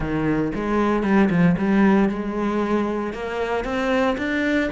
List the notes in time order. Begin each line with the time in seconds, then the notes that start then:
0.00 D#3
0.55 G#3
1.03 G3
1.29 F3
1.57 G3
2.09 G#3
3.13 A#3
3.64 C4
4.17 D4